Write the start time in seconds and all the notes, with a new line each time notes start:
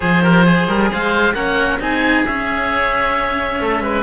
0.00 F3 F4 G#4 C5
0.22 G4 A#4
0.43 G#4
0.68 G3 A#4
0.90 G#3 C5 F5
1.33 A#3 C#4 A#4 F#5
1.79 C4 D#4 G#4 G#5
2.26 C#4 E5
3.60 A3 A4
3.79 G#3 B4